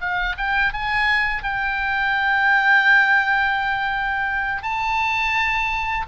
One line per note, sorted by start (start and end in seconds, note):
0.00 0.36 F5
0.37 0.73 G5
0.73 1.43 G#5
1.43 4.62 G5
4.62 6.05 A5